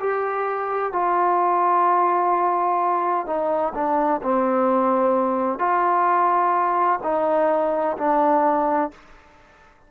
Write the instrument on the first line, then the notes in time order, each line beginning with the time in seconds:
trombone
0.00 G4
0.93 F4
3.26 D#4
3.75 D4
4.23 C4
5.59 F4
7.03 D#4
7.98 D4